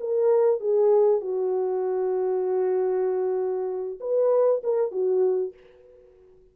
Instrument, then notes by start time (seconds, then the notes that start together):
horn
0.00 A#4
0.60 G#4
1.21 F#4
4.00 B4
4.63 A#4
4.91 F#4